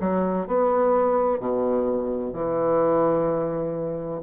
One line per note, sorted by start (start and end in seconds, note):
0.00 0.47 F#3
0.47 1.40 B3
1.40 2.33 B2
2.33 4.21 E3